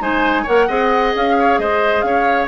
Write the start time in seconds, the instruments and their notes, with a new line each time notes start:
0.00 bassoon G#3, clarinet D#4, oboe C5, flute G#5
0.43 bassoon A#3, clarinet A#4, oboe C#5, flute F#5
0.68 bassoon C4, clarinet G#4, oboe D#5
1.15 bassoon C#4, flute F5
1.39 oboe C#5
1.58 bassoon G#3, oboe C5, flute D#5
2.01 bassoon C#4, oboe C#5, flute F5